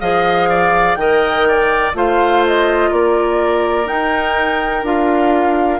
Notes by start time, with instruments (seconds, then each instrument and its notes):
0.00 bassoon F3, clarinet G#4, oboe D#5, flute F5
0.49 oboe D5
0.95 bassoon D#3, clarinet A#4, oboe D#5, flute G5
1.48 oboe D5
1.94 bassoon A3, clarinet F4, oboe C5, flute F5
2.46 flute D#5
2.90 bassoon A#3, oboe A#4, flute D5
3.84 clarinet D#4, bassoon D#4, flute G5
4.83 bassoon D4, clarinet F4, flute F5